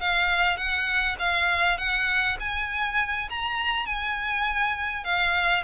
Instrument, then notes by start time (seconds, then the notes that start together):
violin
0.00 F5
0.57 F#5
1.19 F5
1.77 F#5
2.40 G#5
3.29 A#5
3.86 G#5
5.04 F5